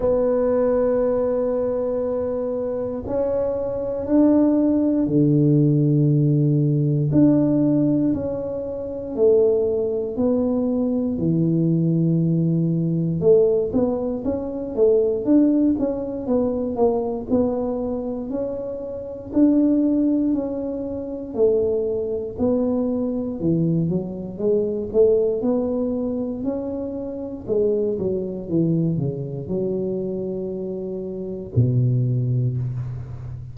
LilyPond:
\new Staff \with { instrumentName = "tuba" } { \time 4/4 \tempo 4 = 59 b2. cis'4 | d'4 d2 d'4 | cis'4 a4 b4 e4~ | e4 a8 b8 cis'8 a8 d'8 cis'8 |
b8 ais8 b4 cis'4 d'4 | cis'4 a4 b4 e8 fis8 | gis8 a8 b4 cis'4 gis8 fis8 | e8 cis8 fis2 b,4 | }